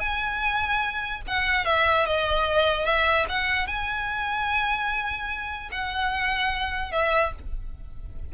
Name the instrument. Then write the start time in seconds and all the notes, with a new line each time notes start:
violin
0.00 G#5
1.28 F#5
1.65 E5
2.06 D#5
2.85 E5
3.29 F#5
3.67 G#5
5.71 F#5
6.92 E5